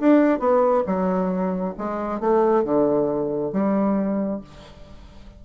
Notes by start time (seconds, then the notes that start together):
0.00 D4
0.40 B3
0.87 F#3
1.78 G#3
2.20 A3
2.65 D3
3.53 G3